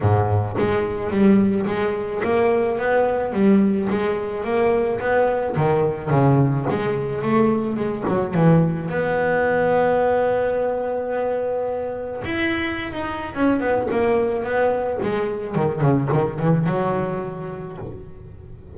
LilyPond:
\new Staff \with { instrumentName = "double bass" } { \time 4/4 \tempo 4 = 108 gis,4 gis4 g4 gis4 | ais4 b4 g4 gis4 | ais4 b4 dis4 cis4 | gis4 a4 gis8 fis8 e4 |
b1~ | b2 e'4~ e'16 dis'8. | cis'8 b8 ais4 b4 gis4 | dis8 cis8 dis8 e8 fis2 | }